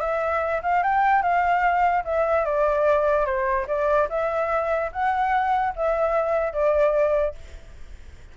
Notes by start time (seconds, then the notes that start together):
0.00 E5
0.63 F5
0.83 G5
1.22 F5
2.04 E5
2.45 D5
3.25 C5
3.67 D5
4.09 E5
4.92 F#5
5.75 E5
6.53 D5